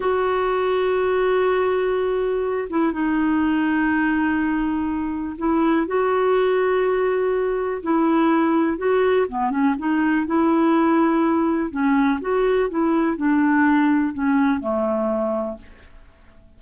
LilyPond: \new Staff \with { instrumentName = "clarinet" } { \time 4/4 \tempo 4 = 123 fis'1~ | fis'4. e'8 dis'2~ | dis'2. e'4 | fis'1 |
e'2 fis'4 b8 cis'8 | dis'4 e'2. | cis'4 fis'4 e'4 d'4~ | d'4 cis'4 a2 | }